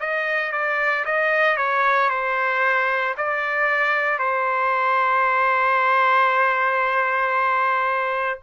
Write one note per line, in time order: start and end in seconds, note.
0.00 0.53 D#5
0.53 1.05 D5
1.05 1.57 D#5
1.57 2.10 C#5
2.10 3.15 C5
3.18 4.19 D5
4.19 8.40 C5